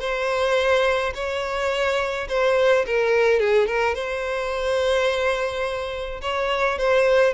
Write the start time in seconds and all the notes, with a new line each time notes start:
0.00 C5
1.15 C#5
2.29 C5
2.87 A#4
3.40 G#4
3.67 A#4
3.95 C5
6.22 C#5
6.78 C5